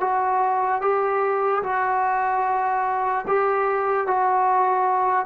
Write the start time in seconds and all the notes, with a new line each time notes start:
0.00 F#4
0.81 G4
1.63 F#4
3.27 G4
4.07 F#4